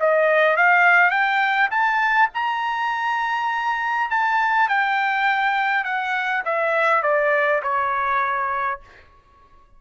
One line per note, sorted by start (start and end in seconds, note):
0.00 0.57 D#5
0.57 1.11 F5
1.11 1.70 G5
1.71 2.30 A5
2.34 4.10 A#5
4.10 4.69 A5
4.69 5.85 G5
5.85 6.44 F#5
6.45 7.03 E5
7.03 7.62 D5
7.63 8.80 C#5